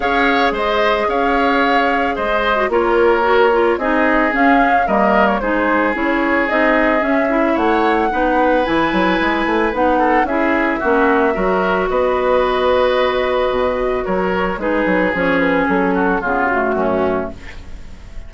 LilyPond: <<
  \new Staff \with { instrumentName = "flute" } { \time 4/4 \tempo 4 = 111 f''4 dis''4 f''2 | dis''4 cis''2 dis''4 | f''4 dis''8. cis''16 c''4 cis''4 | dis''4 e''4 fis''2 |
gis''2 fis''4 e''4~ | e''2 dis''2~ | dis''2 cis''4 b'4 | cis''8 b'8 a'4 gis'8 fis'4. | }
  \new Staff \with { instrumentName = "oboe" } { \time 4/4 cis''4 c''4 cis''2 | c''4 ais'2 gis'4~ | gis'4 ais'4 gis'2~ | gis'2 cis''4 b'4~ |
b'2~ b'8 a'8 gis'4 | fis'4 ais'4 b'2~ | b'2 ais'4 gis'4~ | gis'4. fis'8 f'4 cis'4 | }
  \new Staff \with { instrumentName = "clarinet" } { \time 4/4 gis'1~ | gis'8. fis'16 f'4 fis'8 f'8 dis'4 | cis'4 ais4 dis'4 e'4 | dis'4 cis'8 e'4. dis'4 |
e'2 dis'4 e'4 | cis'4 fis'2.~ | fis'2. dis'4 | cis'2 b8 a4. | }
  \new Staff \with { instrumentName = "bassoon" } { \time 4/4 cis'4 gis4 cis'2 | gis4 ais2 c'4 | cis'4 g4 gis4 cis'4 | c'4 cis'4 a4 b4 |
e8 fis8 gis8 a8 b4 cis'4 | ais4 fis4 b2~ | b4 b,4 fis4 gis8 fis8 | f4 fis4 cis4 fis,4 | }
>>